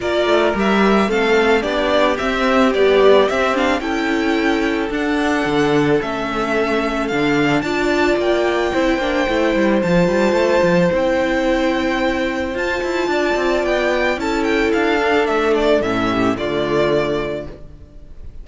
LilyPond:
<<
  \new Staff \with { instrumentName = "violin" } { \time 4/4 \tempo 4 = 110 d''4 e''4 f''4 d''4 | e''4 d''4 e''8 f''8 g''4~ | g''4 fis''2 e''4~ | e''4 f''4 a''4 g''4~ |
g''2 a''2 | g''2. a''4~ | a''4 g''4 a''8 g''8 f''4 | e''8 d''8 e''4 d''2 | }
  \new Staff \with { instrumentName = "violin" } { \time 4/4 ais'2 a'4 g'4~ | g'2. a'4~ | a'1~ | a'2 d''2 |
c''1~ | c''1 | d''2 a'2~ | a'4. g'8 f'2 | }
  \new Staff \with { instrumentName = "viola" } { \time 4/4 f'4 g'4 c'4 d'4 | c'4 g4 c'8 d'8 e'4~ | e'4 d'2 cis'4~ | cis'4 d'4 f'2 |
e'8 d'8 e'4 f'2 | e'2. f'4~ | f'2 e'4. d'8~ | d'4 cis'4 a2 | }
  \new Staff \with { instrumentName = "cello" } { \time 4/4 ais8 a8 g4 a4 b4 | c'4 b4 c'4 cis'4~ | cis'4 d'4 d4 a4~ | a4 d4 d'4 ais4 |
c'8 ais8 a8 g8 f8 g8 a8 f8 | c'2. f'8 e'8 | d'8 c'8 b4 cis'4 d'4 | a4 a,4 d2 | }
>>